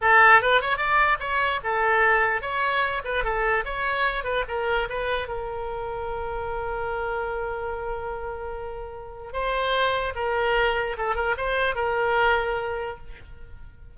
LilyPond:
\new Staff \with { instrumentName = "oboe" } { \time 4/4 \tempo 4 = 148 a'4 b'8 cis''8 d''4 cis''4 | a'2 cis''4. b'8 | a'4 cis''4. b'8 ais'4 | b'4 ais'2.~ |
ais'1~ | ais'2. c''4~ | c''4 ais'2 a'8 ais'8 | c''4 ais'2. | }